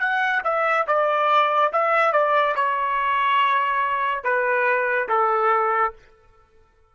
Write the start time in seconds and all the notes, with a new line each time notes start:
0.00 F#5
0.44 E5
0.87 D5
1.73 E5
2.13 D5
2.56 C#5
4.24 B4
5.09 A4